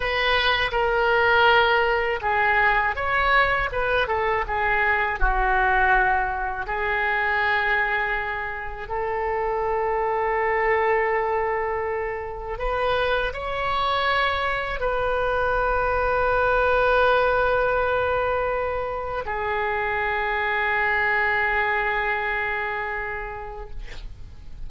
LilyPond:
\new Staff \with { instrumentName = "oboe" } { \time 4/4 \tempo 4 = 81 b'4 ais'2 gis'4 | cis''4 b'8 a'8 gis'4 fis'4~ | fis'4 gis'2. | a'1~ |
a'4 b'4 cis''2 | b'1~ | b'2 gis'2~ | gis'1 | }